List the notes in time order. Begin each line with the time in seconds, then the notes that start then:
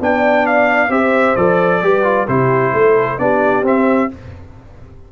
0.00 B3 D4 D5 G5
0.46 F5
0.89 C4 G4 C5 E5
1.36 F3 A4 D5
1.82 G3 G4 B4
2.03 F4
2.28 C3 E4 G4 C5
2.73 A3 A4
3.18 B3 D4 G4 D5
3.63 C4 E5